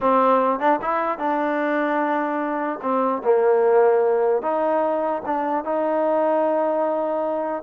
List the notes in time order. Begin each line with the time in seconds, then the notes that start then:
0.00 C4
0.59 D4
0.81 E4
1.18 D4
2.82 C4
3.23 A#3
4.42 D#4
5.25 D4
5.64 D#4